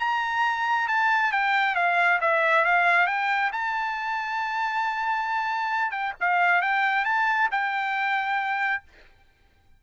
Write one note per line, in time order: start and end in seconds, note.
0.00 0.88 A#5
0.88 1.32 A5
1.32 1.75 G5
1.75 2.19 F5
2.21 2.65 E5
2.65 3.07 F5
3.07 3.51 G5
3.53 5.91 A5
5.91 6.13 G5
6.20 6.62 F5
6.62 7.05 G5
7.05 7.49 A5
7.51 8.84 G5